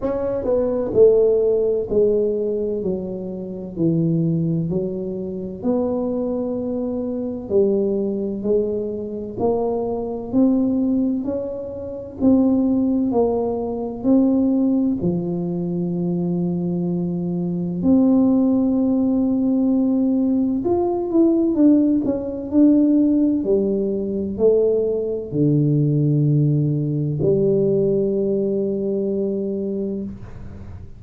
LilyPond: \new Staff \with { instrumentName = "tuba" } { \time 4/4 \tempo 4 = 64 cis'8 b8 a4 gis4 fis4 | e4 fis4 b2 | g4 gis4 ais4 c'4 | cis'4 c'4 ais4 c'4 |
f2. c'4~ | c'2 f'8 e'8 d'8 cis'8 | d'4 g4 a4 d4~ | d4 g2. | }